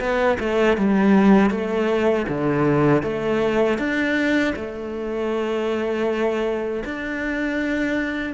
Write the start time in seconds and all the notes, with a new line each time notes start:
0.00 B3
0.40 A3
0.78 G3
1.51 A3
2.29 D3
3.03 A3
3.78 D4
4.56 A3
6.85 D4